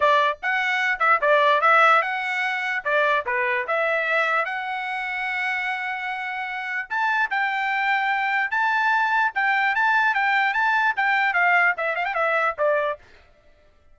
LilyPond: \new Staff \with { instrumentName = "trumpet" } { \time 4/4 \tempo 4 = 148 d''4 fis''4. e''8 d''4 | e''4 fis''2 d''4 | b'4 e''2 fis''4~ | fis''1~ |
fis''4 a''4 g''2~ | g''4 a''2 g''4 | a''4 g''4 a''4 g''4 | f''4 e''8 f''16 g''16 e''4 d''4 | }